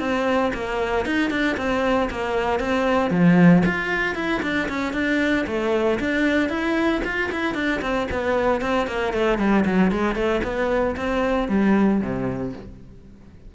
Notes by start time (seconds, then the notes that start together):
0.00 C4
0.54 A#3
1.06 D#4
1.30 D4
1.57 C4
2.11 A#3
2.60 C4
3.11 F3
3.66 F4
4.15 E4
4.43 D4
4.69 C#4
4.94 D4
5.47 A3
6.00 D4
6.50 E4
7.05 F4
7.32 E4
7.55 D4
7.82 C4
8.12 B3
8.61 C4
8.87 A#3
9.13 A3
9.39 G3
9.65 F#3
9.91 G#3
10.15 A3
10.44 B3
10.97 C4
11.49 G3
12.01 C3